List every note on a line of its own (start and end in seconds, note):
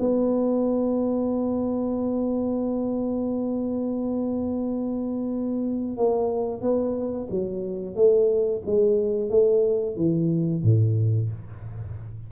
0.00 5.98 B3
5.98 6.62 A#3
6.62 7.28 B3
7.31 7.96 F#3
7.96 8.62 A3
8.66 9.30 G#3
9.30 9.97 A3
9.97 10.63 E3
10.63 11.30 A2